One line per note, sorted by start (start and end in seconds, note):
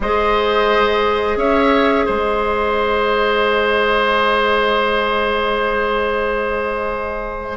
0.00 1.36 G#3
0.00 7.57 G#4
0.00 1.38 C5
0.00 1.37 D#5
1.36 2.05 C#4
1.36 2.05 C#5
1.36 2.06 E5
2.05 7.57 G#3
2.05 7.57 C5
2.05 7.57 D#5